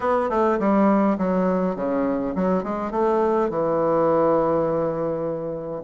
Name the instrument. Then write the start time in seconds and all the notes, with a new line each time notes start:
bassoon
0.00 B3
0.29 A3
0.59 G3
1.18 F#3
1.75 C#3
2.35 F#3
2.63 G#3
2.91 A3
3.50 E3